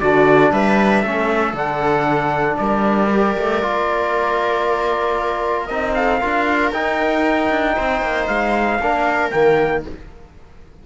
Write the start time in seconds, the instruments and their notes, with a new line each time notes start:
0.00 cello D3, trombone D4, viola F#4, trumpet D5
0.51 cello G3, viola B4, trumpet E5
1.02 cello A3, trombone C#4, viola A4
1.53 cello D3, trombone D4, trumpet F#5
2.58 cello G3, viola A#4, trumpet D5
3.13 trombone G4
3.38 cello A3
3.63 cello A#3, trombone F4
5.66 cello C4, trombone D#4, trumpet D#5
5.94 viola A4, trumpet F5
6.20 cello D4, trombone F4, viola A#4
6.72 cello D#4, trombone D#4, trumpet G5
7.50 cello D4
7.76 cello C4, viola C5
8.02 cello A#3
8.27 cello G#3, trumpet F5
8.79 cello A#3, trombone D4, viola A#4
9.31 cello D#3, trombone A#3, trumpet G5